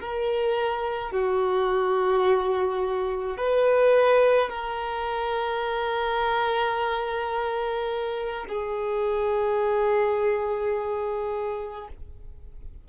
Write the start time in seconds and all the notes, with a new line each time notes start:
0.00 A#4
1.12 F#4
3.38 B4
4.49 A#4
8.49 G#4